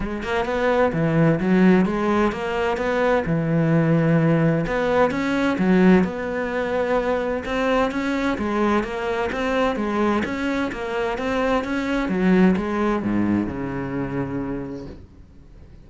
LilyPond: \new Staff \with { instrumentName = "cello" } { \time 4/4 \tempo 4 = 129 gis8 ais8 b4 e4 fis4 | gis4 ais4 b4 e4~ | e2 b4 cis'4 | fis4 b2. |
c'4 cis'4 gis4 ais4 | c'4 gis4 cis'4 ais4 | c'4 cis'4 fis4 gis4 | gis,4 cis2. | }